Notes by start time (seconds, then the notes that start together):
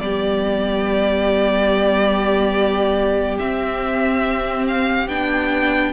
0.00 G3 B3 G4 D5
3.39 C4 E5
4.68 F5
5.08 B3 D4 G5